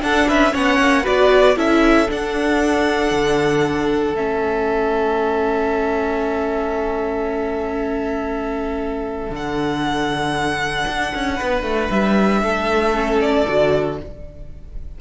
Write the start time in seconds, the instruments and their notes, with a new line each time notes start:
0.00 viola D4, cello D4, violin A4 F#5
0.28 cello C#4, violin B4 E5
0.52 cello B3, viola C#4, violin C#5 F#5
0.80 cello A#3
1.03 cello B3, viola F#4, violin B4 D5
1.56 cello C#4, viola E4, violin A4 E5
2.08 viola D4, cello D4, violin F#5
3.11 cello D3
4.14 cello A3, viola C#4, violin E5
9.30 cello D3, viola D4, violin F#5
10.87 cello D4
11.15 cello C#4
11.36 cello B3, violin B4
11.63 cello A3
11.90 cello G3, violin E5
12.42 cello A3, violin A4
12.94 viola C#4
13.21 violin D5
13.48 cello D3, viola F#4